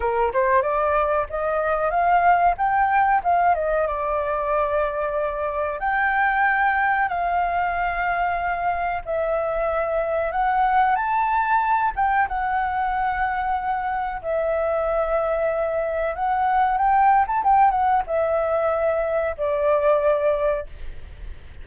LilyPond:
\new Staff \with { instrumentName = "flute" } { \time 4/4 \tempo 4 = 93 ais'8 c''8 d''4 dis''4 f''4 | g''4 f''8 dis''8 d''2~ | d''4 g''2 f''4~ | f''2 e''2 |
fis''4 a''4. g''8 fis''4~ | fis''2 e''2~ | e''4 fis''4 g''8. a''16 g''8 fis''8 | e''2 d''2 | }